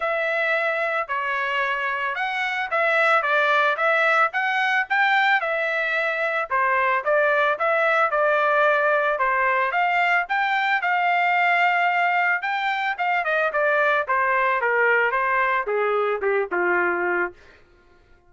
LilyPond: \new Staff \with { instrumentName = "trumpet" } { \time 4/4 \tempo 4 = 111 e''2 cis''2 | fis''4 e''4 d''4 e''4 | fis''4 g''4 e''2 | c''4 d''4 e''4 d''4~ |
d''4 c''4 f''4 g''4 | f''2. g''4 | f''8 dis''8 d''4 c''4 ais'4 | c''4 gis'4 g'8 f'4. | }